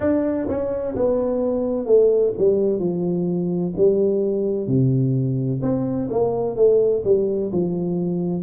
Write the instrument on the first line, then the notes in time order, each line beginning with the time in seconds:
tuba
0.00 D4
0.48 C#4
0.95 B3
1.85 A3
2.37 G3
2.79 F3
3.76 G3
4.67 C3
5.62 C4
6.09 A#3
6.56 A3
7.04 G3
7.52 F3